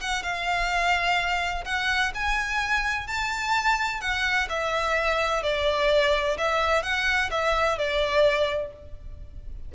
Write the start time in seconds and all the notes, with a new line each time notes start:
0.00 F#5
0.22 F5
1.64 F#5
2.14 G#5
3.07 A5
4.01 F#5
4.49 E5
5.42 D5
6.37 E5
6.82 F#5
7.30 E5
7.78 D5